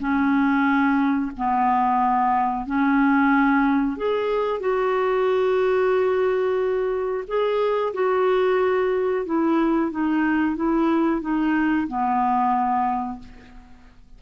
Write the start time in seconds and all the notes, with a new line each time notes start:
0.00 C#4
1.38 B3
2.66 C#4
3.97 G#4
4.61 F#4
7.28 G#4
7.94 F#4
9.26 E4
9.92 D#4
10.57 E4
11.22 D#4
11.88 B3